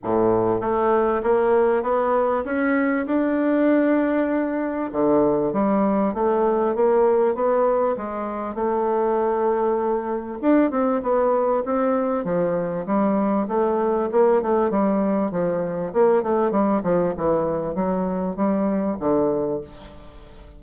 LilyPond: \new Staff \with { instrumentName = "bassoon" } { \time 4/4 \tempo 4 = 98 a,4 a4 ais4 b4 | cis'4 d'2. | d4 g4 a4 ais4 | b4 gis4 a2~ |
a4 d'8 c'8 b4 c'4 | f4 g4 a4 ais8 a8 | g4 f4 ais8 a8 g8 f8 | e4 fis4 g4 d4 | }